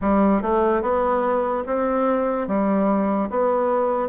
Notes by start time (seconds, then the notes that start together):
0.01 G3
0.41 A3
0.81 B3
1.66 C4
2.47 G3
3.30 B3